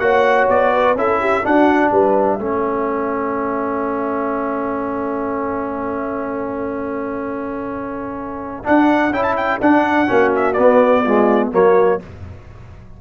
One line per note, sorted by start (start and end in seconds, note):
0.00 0.48 A#3
0.00 0.97 F#4
0.00 0.74 C#5
0.00 0.48 F#5
0.49 0.95 B3
0.49 0.98 D5
0.74 0.98 B4
0.95 1.43 C#4
0.95 1.44 E4
0.95 1.21 A4
0.95 1.46 E5
1.21 1.45 G4
1.44 2.40 D4
1.44 1.92 D4
1.44 1.92 F#4
1.44 1.92 F#5
1.92 2.39 G3
1.92 2.40 B4
1.92 8.64 E5
2.39 8.63 A3
2.39 8.64 C#4
2.39 10.08 A4
8.64 9.12 D4
8.64 9.11 D4
8.64 9.13 F#5
9.11 9.59 C#4
9.11 9.61 E4
9.11 9.24 G5
9.24 9.36 A5
9.37 9.61 G5
9.61 10.09 D4
9.61 10.07 D4
9.61 10.34 F#5
10.07 10.58 A#3
10.07 10.55 C#4
10.07 11.04 F#4
10.36 10.54 E5
10.54 11.05 B3
10.54 11.53 B3
10.54 11.50 D5
11.04 11.52 G#3
11.04 11.52 F4
11.52 12.01 F#3
11.52 12.00 A#3
11.52 12.02 F#4
11.52 12.02 C#5